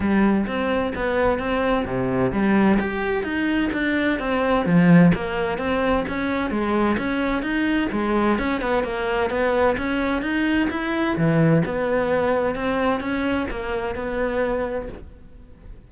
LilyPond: \new Staff \with { instrumentName = "cello" } { \time 4/4 \tempo 4 = 129 g4 c'4 b4 c'4 | c4 g4 g'4 dis'4 | d'4 c'4 f4 ais4 | c'4 cis'4 gis4 cis'4 |
dis'4 gis4 cis'8 b8 ais4 | b4 cis'4 dis'4 e'4 | e4 b2 c'4 | cis'4 ais4 b2 | }